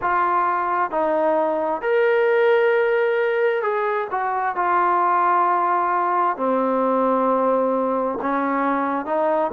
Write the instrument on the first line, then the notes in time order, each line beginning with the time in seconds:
trombone
0.01 F4
0.90 D#4
1.81 A#4
3.62 G#4
4.10 F#4
4.55 F4
6.36 C4
8.21 C#4
9.05 D#4